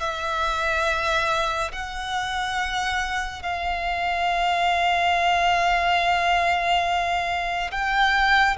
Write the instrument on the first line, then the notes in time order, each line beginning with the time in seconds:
violin
0.00 E5
1.72 F#5
3.42 F5
7.71 G5